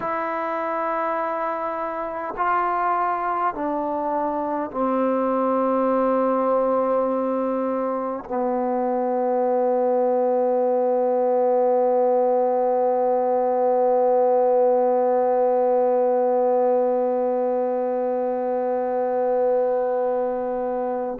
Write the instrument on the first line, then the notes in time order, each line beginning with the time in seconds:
trombone
0.00 E4
2.36 F4
3.54 D4
4.71 C4
8.24 B3